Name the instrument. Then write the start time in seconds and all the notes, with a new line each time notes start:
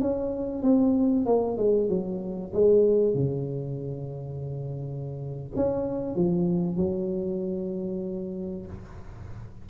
tuba
0.00 C#4
0.62 C4
1.25 A#3
1.57 G#3
1.89 F#3
2.53 G#3
3.14 C#3
5.56 C#4
6.15 F3
6.76 F#3